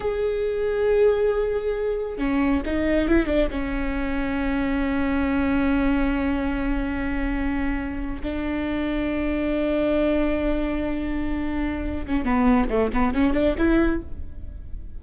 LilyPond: \new Staff \with { instrumentName = "viola" } { \time 4/4 \tempo 4 = 137 gis'1~ | gis'4 cis'4 dis'4 e'8 d'8 | cis'1~ | cis'1~ |
cis'2~ cis'8. d'4~ d'16~ | d'1~ | d'2.~ d'8 cis'8 | b4 a8 b8 cis'8 d'8 e'4 | }